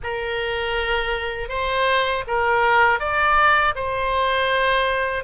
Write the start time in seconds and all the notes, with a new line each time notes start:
0.03 A#4
1.48 C5
2.27 A#4
2.99 D5
3.75 C5